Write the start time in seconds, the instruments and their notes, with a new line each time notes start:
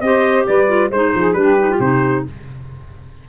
0.00 tuba C4, clarinet G4, saxophone C5, trumpet D#5
0.46 tuba G3, saxophone B4, trumpet D5
0.67 clarinet F4
0.89 tuba G#3, clarinet D#4, saxophone C5, trumpet C5
1.14 tuba F3, saxophone G#4
1.33 tuba G3, clarinet D4, trumpet B4
1.39 saxophone G4
1.59 clarinet D#4
1.70 clarinet F4
1.79 tuba C3, clarinet D#4, trumpet C5